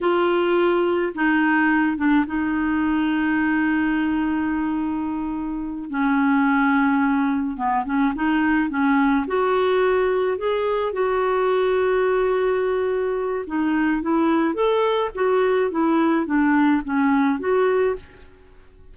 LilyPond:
\new Staff \with { instrumentName = "clarinet" } { \time 4/4 \tempo 4 = 107 f'2 dis'4. d'8 | dis'1~ | dis'2~ dis'8 cis'4.~ | cis'4. b8 cis'8 dis'4 cis'8~ |
cis'8 fis'2 gis'4 fis'8~ | fis'1 | dis'4 e'4 a'4 fis'4 | e'4 d'4 cis'4 fis'4 | }